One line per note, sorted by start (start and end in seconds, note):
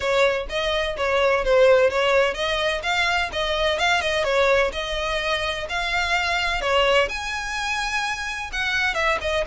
0.00 0.46 C#5
0.49 0.96 D#5
0.97 1.44 C#5
1.44 1.90 C5
1.90 2.34 C#5
2.34 2.81 D#5
2.82 3.29 F5
3.32 3.79 D#5
3.79 4.01 F5
4.01 4.23 D#5
4.23 4.71 C#5
4.72 5.67 D#5
5.69 6.61 F5
6.61 7.08 C#5
7.09 8.50 G#5
8.52 8.94 F#5
8.94 9.18 E5
9.21 9.45 D#5